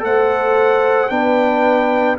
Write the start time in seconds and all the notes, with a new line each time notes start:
0.00 A3 A4 C5 F#5
1.09 B3 D4 B4 G5